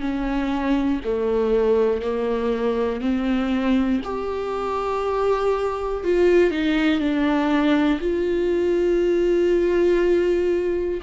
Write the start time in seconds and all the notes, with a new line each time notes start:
0.00 C#4
1.05 A3
2.01 A#3
3.00 C4
4.04 G4
6.04 F4
6.50 D#4
7.00 D4
8.00 F4